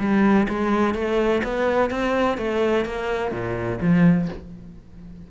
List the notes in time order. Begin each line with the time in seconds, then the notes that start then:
0.00 G3
0.49 G#3
0.95 A3
1.44 B3
1.91 C4
2.38 A3
2.85 A#3
3.32 A#2
3.81 F3